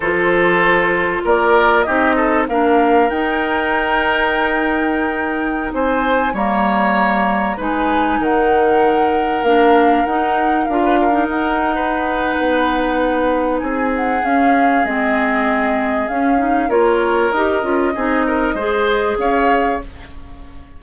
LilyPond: <<
  \new Staff \with { instrumentName = "flute" } { \time 4/4 \tempo 4 = 97 c''2 d''4 dis''4 | f''4 g''2.~ | g''4~ g''16 gis''4 ais''4.~ ais''16~ | ais''16 gis''4 fis''2 f''8.~ |
f''16 fis''4 f''4 fis''4.~ fis''16~ | fis''2 gis''8 fis''8 f''4 | dis''2 f''4 cis''4 | dis''2. f''4 | }
  \new Staff \with { instrumentName = "oboe" } { \time 4/4 a'2 ais'4 g'8 a'8 | ais'1~ | ais'4~ ais'16 c''4 cis''4.~ cis''16~ | cis''16 b'4 ais'2~ ais'8.~ |
ais'4. b'16 ais'4~ ais'16 b'4~ | b'2 gis'2~ | gis'2. ais'4~ | ais'4 gis'8 ais'8 c''4 cis''4 | }
  \new Staff \with { instrumentName = "clarinet" } { \time 4/4 f'2. dis'4 | d'4 dis'2.~ | dis'2~ dis'16 ais4.~ ais16~ | ais16 dis'2. d'8.~ |
d'16 dis'4 f'8. dis'2~ | dis'2. cis'4 | c'2 cis'8 dis'8 f'4 | g'8 f'8 dis'4 gis'2 | }
  \new Staff \with { instrumentName = "bassoon" } { \time 4/4 f2 ais4 c'4 | ais4 dis'2.~ | dis'4~ dis'16 c'4 g4.~ g16~ | g16 gis4 dis2 ais8.~ |
ais16 dis'4 d'4 dis'4.~ dis'16 | b2 c'4 cis'4 | gis2 cis'4 ais4 | dis'8 cis'8 c'4 gis4 cis'4 | }
>>